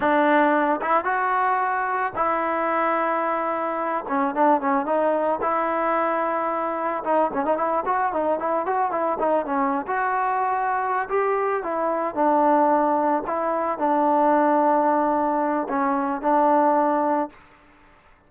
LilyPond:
\new Staff \with { instrumentName = "trombone" } { \time 4/4 \tempo 4 = 111 d'4. e'8 fis'2 | e'2.~ e'8 cis'8 | d'8 cis'8 dis'4 e'2~ | e'4 dis'8 cis'16 dis'16 e'8 fis'8 dis'8 e'8 |
fis'8 e'8 dis'8 cis'8. fis'4.~ fis'16~ | fis'8 g'4 e'4 d'4.~ | d'8 e'4 d'2~ d'8~ | d'4 cis'4 d'2 | }